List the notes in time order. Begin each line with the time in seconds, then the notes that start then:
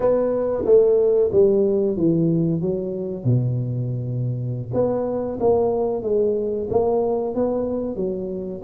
0.00 B3
0.65 A3
1.32 G3
1.96 E3
2.61 F#3
3.24 B2
4.73 B3
5.40 A#3
6.02 G#3
6.69 A#3
7.34 B3
7.96 F#3